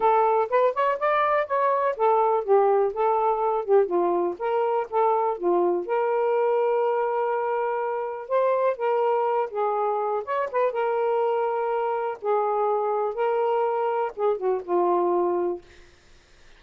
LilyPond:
\new Staff \with { instrumentName = "saxophone" } { \time 4/4 \tempo 4 = 123 a'4 b'8 cis''8 d''4 cis''4 | a'4 g'4 a'4. g'8 | f'4 ais'4 a'4 f'4 | ais'1~ |
ais'4 c''4 ais'4. gis'8~ | gis'4 cis''8 b'8 ais'2~ | ais'4 gis'2 ais'4~ | ais'4 gis'8 fis'8 f'2 | }